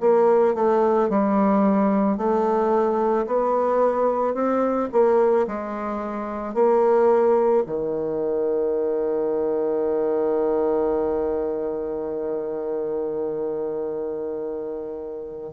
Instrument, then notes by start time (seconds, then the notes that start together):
bassoon
0.00 A#3
0.54 A3
1.09 G3
2.17 A3
3.26 B3
4.34 C4
4.92 A#3
5.47 G#3
6.54 A#3
7.66 D#3